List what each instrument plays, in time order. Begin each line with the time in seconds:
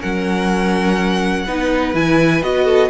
0.00 cello F#3, viola C#4, violin A#4 F#5
1.46 cello B3, viola D#4, violin B4
1.94 cello E3, viola E4, violin G#5
2.43 cello B3, viola F#4, violin D#5
2.65 violin A4